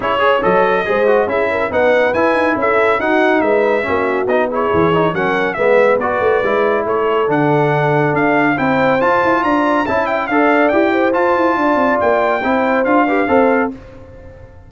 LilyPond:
<<
  \new Staff \with { instrumentName = "trumpet" } { \time 4/4 \tempo 4 = 140 cis''4 dis''2 e''4 | fis''4 gis''4 e''4 fis''4 | e''2 dis''8 cis''4. | fis''4 e''4 d''2 |
cis''4 fis''2 f''4 | g''4 a''4 ais''4 a''8 g''8 | f''4 g''4 a''2 | g''2 f''2 | }
  \new Staff \with { instrumentName = "horn" } { \time 4/4 gis'8 cis''4. c''4 gis'8 ais'8 | b'2 a'4 fis'4 | b'4 fis'4. gis'4. | ais'4 b'2. |
a'1 | c''2 d''4 e''4 | d''4. c''4. d''4~ | d''4 c''4. b'8 c''4 | }
  \new Staff \with { instrumentName = "trombone" } { \time 4/4 e'8 gis'8 a'4 gis'8 fis'8 e'4 | dis'4 e'2 dis'4~ | dis'4 cis'4 dis'8 e'4 dis'8 | cis'4 b4 fis'4 e'4~ |
e'4 d'2. | e'4 f'2 e'4 | a'4 g'4 f'2~ | f'4 e'4 f'8 g'8 a'4 | }
  \new Staff \with { instrumentName = "tuba" } { \time 4/4 cis'4 fis4 gis4 cis'4 | b4 e'8 dis'8 cis'4 dis'4 | gis4 ais4 b4 e4 | fis4 gis4 b8 a8 gis4 |
a4 d2 d'4 | c'4 f'8 e'8 d'4 cis'4 | d'4 e'4 f'8 e'8 d'8 c'8 | ais4 c'4 d'4 c'4 | }
>>